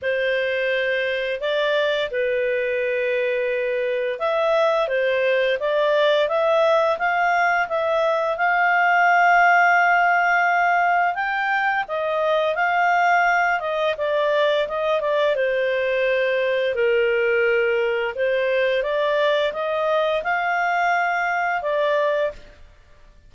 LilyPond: \new Staff \with { instrumentName = "clarinet" } { \time 4/4 \tempo 4 = 86 c''2 d''4 b'4~ | b'2 e''4 c''4 | d''4 e''4 f''4 e''4 | f''1 |
g''4 dis''4 f''4. dis''8 | d''4 dis''8 d''8 c''2 | ais'2 c''4 d''4 | dis''4 f''2 d''4 | }